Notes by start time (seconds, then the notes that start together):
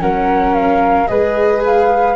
0.00 F#3 C#4 A#4 F#5
0.54 F5
1.07 G#3 G#4 B4 D#5
1.65 F5